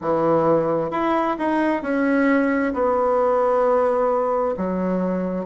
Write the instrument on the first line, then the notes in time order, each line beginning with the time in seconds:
bassoon
0.01 E3
0.90 E4
1.38 D#4
1.82 C#4
2.73 B3
4.57 F#3